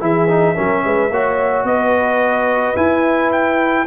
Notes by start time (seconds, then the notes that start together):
0.00 E3 E4 G#4 E5
0.28 D#4
0.55 F#3 C#4 A#4
0.84 G#3 B4
1.10 A#3 F#4 C#5
1.64 B3 B4 D#5
2.76 E4 G#5
3.32 G5